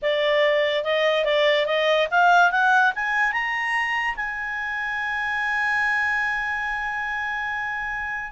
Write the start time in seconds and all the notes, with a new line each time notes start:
0.02 D5
0.83 D#5
1.25 D5
1.66 D#5
2.10 F5
2.51 F#5
2.95 G#5
3.32 A#5
4.16 G#5